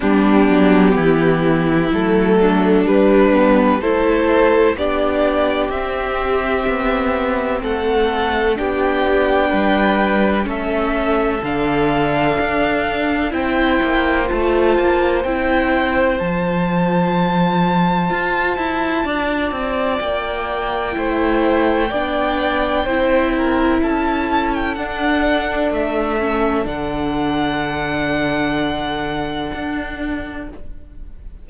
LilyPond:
<<
  \new Staff \with { instrumentName = "violin" } { \time 4/4 \tempo 4 = 63 g'2 a'4 b'4 | c''4 d''4 e''2 | fis''4 g''2 e''4 | f''2 g''4 a''4 |
g''4 a''2.~ | a''4 g''2.~ | g''4 a''8. g''16 fis''4 e''4 | fis''1 | }
  \new Staff \with { instrumentName = "violin" } { \time 4/4 d'4 e'4. d'4. | a'4 g'2. | a'4 g'4 b'4 a'4~ | a'2 c''2~ |
c''1 | d''2 c''4 d''4 | c''8 ais'8 a'2.~ | a'1 | }
  \new Staff \with { instrumentName = "viola" } { \time 4/4 b2 a4 g8 b8 | e'4 d'4 c'2~ | c'4 d'2 cis'4 | d'2 e'4 f'4 |
e'4 f'2.~ | f'2 e'4 d'4 | e'2 d'4. cis'8 | d'1 | }
  \new Staff \with { instrumentName = "cello" } { \time 4/4 g8 fis8 e4 fis4 g4 | a4 b4 c'4 b4 | a4 b4 g4 a4 | d4 d'4 c'8 ais8 a8 ais8 |
c'4 f2 f'8 e'8 | d'8 c'8 ais4 a4 b4 | c'4 cis'4 d'4 a4 | d2. d'4 | }
>>